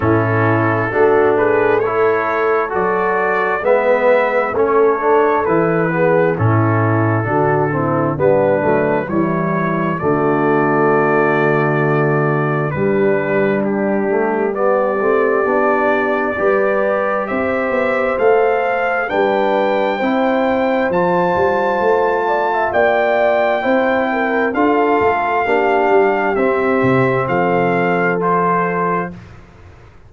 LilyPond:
<<
  \new Staff \with { instrumentName = "trumpet" } { \time 4/4 \tempo 4 = 66 a'4. b'8 cis''4 d''4 | e''4 cis''4 b'4 a'4~ | a'4 b'4 cis''4 d''4~ | d''2 b'4 g'4 |
d''2. e''4 | f''4 g''2 a''4~ | a''4 g''2 f''4~ | f''4 e''4 f''4 c''4 | }
  \new Staff \with { instrumentName = "horn" } { \time 4/4 e'4 fis'8 gis'8 a'2 | b'4 a'4. gis'8 e'4 | fis'8 e'8 d'4 e'4 fis'4~ | fis'2 d'2 |
g'2 b'4 c''4~ | c''4 b'4 c''2~ | c''8 d''16 e''16 d''4 c''8 ais'8 a'4 | g'2 a'2 | }
  \new Staff \with { instrumentName = "trombone" } { \time 4/4 cis'4 d'4 e'4 fis'4 | b4 cis'8 d'8 e'8 b8 cis'4 | d'8 c'8 b8 a8 g4 a4~ | a2 g4. a8 |
b8 c'8 d'4 g'2 | a'4 d'4 e'4 f'4~ | f'2 e'4 f'4 | d'4 c'2 f'4 | }
  \new Staff \with { instrumentName = "tuba" } { \time 4/4 a,4 a2 fis4 | gis4 a4 e4 a,4 | d4 g8 fis8 e4 d4~ | d2 g2~ |
g8 a8 b4 g4 c'8 b8 | a4 g4 c'4 f8 g8 | a4 ais4 c'4 d'8 a8 | ais8 g8 c'8 c8 f2 | }
>>